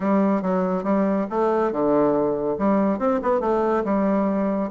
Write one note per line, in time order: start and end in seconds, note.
0.00 0.42 G3
0.42 0.83 F#3
0.83 1.26 G3
1.30 1.72 A3
1.72 2.57 D3
2.58 2.98 G3
2.98 3.20 C4
3.22 3.40 B3
3.40 3.83 A3
3.84 4.70 G3